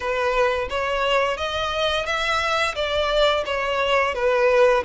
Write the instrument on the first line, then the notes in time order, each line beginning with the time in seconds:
violin
0.00 B4
0.69 C#5
1.37 D#5
2.05 E5
2.75 D5
3.45 C#5
4.14 B4